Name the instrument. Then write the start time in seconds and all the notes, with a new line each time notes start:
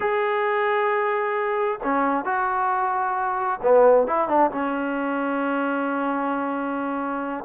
trombone
0.00 G#4
1.83 C#4
2.24 F#4
3.62 B3
4.07 E4
4.28 D4
4.51 C#4